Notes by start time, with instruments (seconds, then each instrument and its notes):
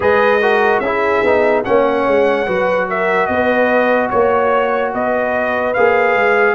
0.00 tuba G#3, trombone G#4, horn B4, trumpet D#5
0.41 trombone F#4, horn A#4
0.79 tuba C#4, trombone E4, horn G#4, trumpet E5
1.23 tuba B3, trombone D#4
1.64 tuba A#3, trombone C#4, horn C#5, trumpet F#5
2.07 tuba G#3
2.46 tuba F#3, trombone F#4, horn B4
2.88 horn A#4, trumpet E5
3.26 tuba B3, horn B4, trumpet D#5
4.10 tuba A#3, horn C#5, trumpet C#5
4.93 tuba B3, horn B4, trumpet D#5
5.73 tuba A#3, trombone G#4, trumpet F5
6.15 tuba G#3